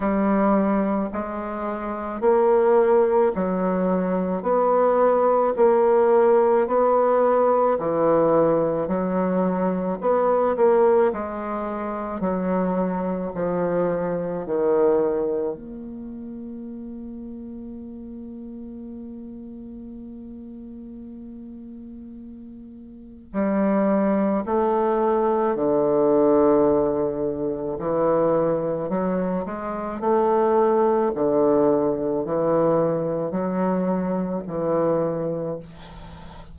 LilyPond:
\new Staff \with { instrumentName = "bassoon" } { \time 4/4 \tempo 4 = 54 g4 gis4 ais4 fis4 | b4 ais4 b4 e4 | fis4 b8 ais8 gis4 fis4 | f4 dis4 ais2~ |
ais1~ | ais4 g4 a4 d4~ | d4 e4 fis8 gis8 a4 | d4 e4 fis4 e4 | }